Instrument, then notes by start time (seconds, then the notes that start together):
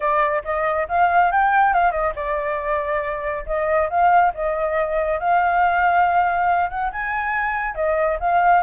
flute
0.00 D5
0.44 D#5
0.88 F5
1.31 G5
1.73 F5
1.91 D#5
2.15 D5
3.46 D#5
3.89 F5
4.34 D#5
5.19 F5
6.70 F#5
6.91 G#5
7.74 D#5
8.20 F5